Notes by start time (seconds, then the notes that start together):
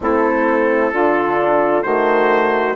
0.00 A3 C4 E4 A4
0.92 D3 D4 F4
1.82 D#3 A3 F#4 C5